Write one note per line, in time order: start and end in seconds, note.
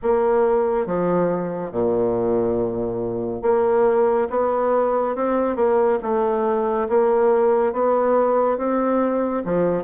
0.02 0.86 A#3
0.86 1.71 F3
1.71 3.42 A#2
3.42 4.27 A#3
4.29 5.15 B3
5.15 5.56 C4
5.56 5.98 A#3
6.02 6.88 A3
6.88 7.72 A#3
7.72 8.57 B3
8.57 9.43 C4
9.44 9.83 F3